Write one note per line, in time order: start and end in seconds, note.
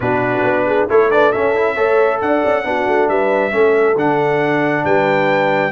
0.00 0.41 B2
0.00 0.89 D4
0.00 0.66 F#4
0.00 0.88 B4
0.43 0.87 B3
0.66 0.88 G#4
0.88 1.34 A3
0.88 1.11 E4
0.88 1.10 A4
0.88 1.10 C#5
1.10 1.33 D4
1.10 1.32 B4
1.10 1.32 D5
1.32 1.55 C#4
1.32 1.77 C#4
1.32 1.74 A4
1.32 2.20 E5
1.55 1.76 E4
1.74 2.21 A3
1.74 2.64 A4
1.74 2.18 C#5
2.21 2.43 D4
2.21 2.65 D5
2.21 3.08 F#5
2.45 2.64 C#4
2.64 2.86 B3
2.64 3.51 D4
2.64 3.09 F#4
2.87 3.08 A3
3.08 3.53 G3
3.08 3.52 B4
3.08 3.97 E5
3.51 3.95 A3
3.51 3.95 C#4
3.51 4.84 A4
3.95 4.84 D3
3.95 5.71 D4
3.95 4.85 F#5
4.84 5.71 G3
4.84 5.71 B4
4.84 5.71 G5